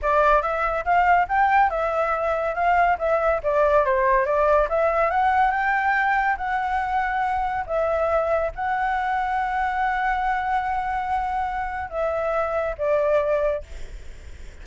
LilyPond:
\new Staff \with { instrumentName = "flute" } { \time 4/4 \tempo 4 = 141 d''4 e''4 f''4 g''4 | e''2 f''4 e''4 | d''4 c''4 d''4 e''4 | fis''4 g''2 fis''4~ |
fis''2 e''2 | fis''1~ | fis''1 | e''2 d''2 | }